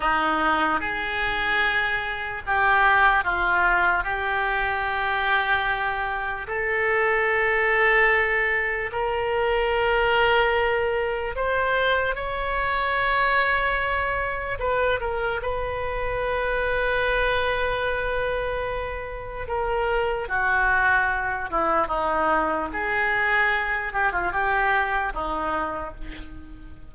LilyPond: \new Staff \with { instrumentName = "oboe" } { \time 4/4 \tempo 4 = 74 dis'4 gis'2 g'4 | f'4 g'2. | a'2. ais'4~ | ais'2 c''4 cis''4~ |
cis''2 b'8 ais'8 b'4~ | b'1 | ais'4 fis'4. e'8 dis'4 | gis'4. g'16 f'16 g'4 dis'4 | }